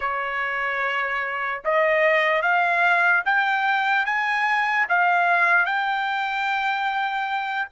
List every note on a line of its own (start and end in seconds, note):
0.00 1.62 C#5
1.64 2.41 D#5
2.41 3.22 F5
3.25 4.05 G5
4.05 4.86 G#5
4.89 5.65 F5
5.65 7.68 G5